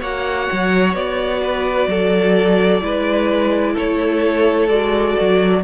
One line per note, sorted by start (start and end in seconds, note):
0.00 0.48 A#3
0.00 2.81 F#4
0.00 1.41 C#5
0.00 0.95 F#5
0.52 0.93 F#3
0.93 1.87 B3
0.93 3.76 D5
1.42 1.89 B4
1.87 2.81 F#3
1.87 2.83 A4
2.81 3.75 G#3
2.81 4.68 E4
2.81 3.73 B4
3.73 4.68 A3
3.73 5.60 A4
3.73 4.69 C#5
4.68 5.15 G#3
4.68 5.64 F#4
4.68 5.62 D5
5.20 5.64 F#3